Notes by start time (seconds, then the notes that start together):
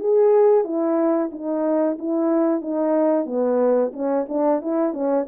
0.00 G#4
0.65 E4
1.32 D#4
1.99 E4
2.62 D#4
3.26 B3
3.94 C#4
4.29 D4
4.62 E4
4.94 C#4